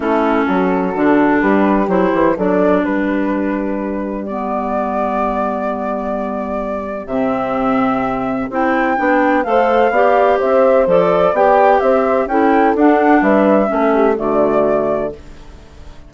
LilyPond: <<
  \new Staff \with { instrumentName = "flute" } { \time 4/4 \tempo 4 = 127 a'2. b'4 | c''4 d''4 b'2~ | b'4 d''2.~ | d''2. e''4~ |
e''2 g''2 | f''2 e''4 d''4 | g''4 e''4 g''4 fis''4 | e''2 d''2 | }
  \new Staff \with { instrumentName = "horn" } { \time 4/4 e'4 fis'2 g'4~ | g'4 a'4 g'2~ | g'1~ | g'1~ |
g'1 | c''4 d''4 c''2 | d''4 c''4 a'2 | b'4 a'8 g'8 fis'2 | }
  \new Staff \with { instrumentName = "clarinet" } { \time 4/4 cis'2 d'2 | e'4 d'2.~ | d'4 b2.~ | b2. c'4~ |
c'2 e'4 d'4 | a'4 g'2 a'4 | g'2 e'4 d'4~ | d'4 cis'4 a2 | }
  \new Staff \with { instrumentName = "bassoon" } { \time 4/4 a4 fis4 d4 g4 | fis8 e8 fis4 g2~ | g1~ | g2. c4~ |
c2 c'4 b4 | a4 b4 c'4 f4 | b4 c'4 cis'4 d'4 | g4 a4 d2 | }
>>